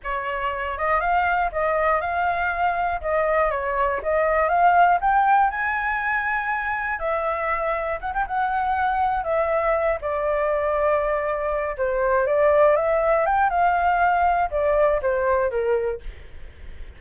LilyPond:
\new Staff \with { instrumentName = "flute" } { \time 4/4 \tempo 4 = 120 cis''4. dis''8 f''4 dis''4 | f''2 dis''4 cis''4 | dis''4 f''4 g''4 gis''4~ | gis''2 e''2 |
fis''16 g''16 fis''2 e''4. | d''2.~ d''8 c''8~ | c''8 d''4 e''4 g''8 f''4~ | f''4 d''4 c''4 ais'4 | }